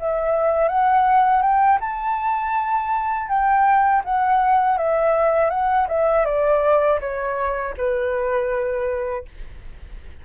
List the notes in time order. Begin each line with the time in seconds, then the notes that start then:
0.00 E5
0.69 F#5
1.42 G5
1.81 A5
3.29 G5
4.05 F#5
4.78 E5
5.51 F#5
5.89 E5
6.26 D5
7.01 C#5
7.77 B4